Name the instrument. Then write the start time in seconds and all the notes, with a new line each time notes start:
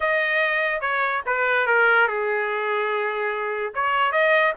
trumpet
0.00 D#5
0.80 C#5
1.26 B4
1.66 A#4
2.07 G#4
3.74 C#5
4.12 D#5